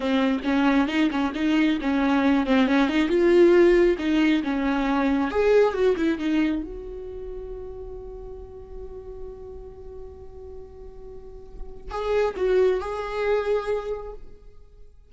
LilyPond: \new Staff \with { instrumentName = "viola" } { \time 4/4 \tempo 4 = 136 c'4 cis'4 dis'8 cis'8 dis'4 | cis'4. c'8 cis'8 dis'8 f'4~ | f'4 dis'4 cis'2 | gis'4 fis'8 e'8 dis'4 fis'4~ |
fis'1~ | fis'1~ | fis'2. gis'4 | fis'4 gis'2. | }